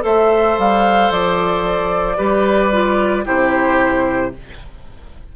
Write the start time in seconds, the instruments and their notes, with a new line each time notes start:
0.00 bassoon A3, clarinet A4, oboe C5, flute E5
0.58 bassoon G3, flute F5
1.10 bassoon F3, flute D5
2.17 bassoon G3, clarinet G4, oboe B4
2.72 clarinet F4
3.25 bassoon C3, clarinet E4, oboe G4, flute C5